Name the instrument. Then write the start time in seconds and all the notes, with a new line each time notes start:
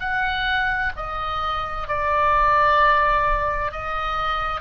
oboe
0.00 F#5
0.96 D#5
1.88 D5
3.72 D#5